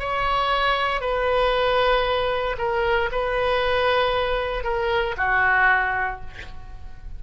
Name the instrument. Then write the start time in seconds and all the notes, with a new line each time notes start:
oboe
0.00 C#5
1.01 B4
2.58 A#4
3.12 B4
4.64 A#4
5.18 F#4